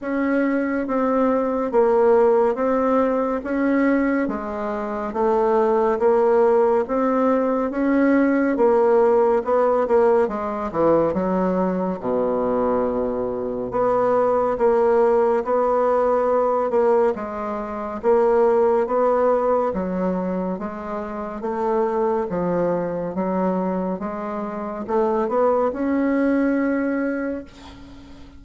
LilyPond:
\new Staff \with { instrumentName = "bassoon" } { \time 4/4 \tempo 4 = 70 cis'4 c'4 ais4 c'4 | cis'4 gis4 a4 ais4 | c'4 cis'4 ais4 b8 ais8 | gis8 e8 fis4 b,2 |
b4 ais4 b4. ais8 | gis4 ais4 b4 fis4 | gis4 a4 f4 fis4 | gis4 a8 b8 cis'2 | }